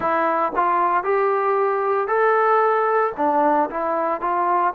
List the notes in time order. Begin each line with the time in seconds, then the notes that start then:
0.00 E4
0.55 F4
1.03 G4
2.07 A4
3.16 D4
3.70 E4
4.21 F4